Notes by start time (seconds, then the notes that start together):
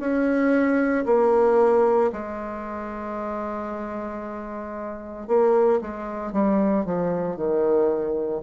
0.00 C#4
1.06 A#3
2.13 G#3
5.28 A#3
5.82 G#3
6.33 G3
6.86 F3
7.37 D#3